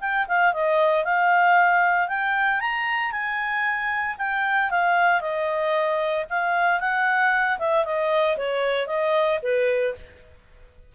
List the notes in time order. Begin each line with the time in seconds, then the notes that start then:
0.00 G5
0.28 F5
0.53 D#5
1.04 F5
2.08 G5
2.60 A#5
3.12 G#5
4.18 G5
4.70 F5
5.21 D#5
6.30 F5
6.80 F#5
7.59 E5
7.85 D#5
8.37 C#5
8.87 D#5
9.42 B4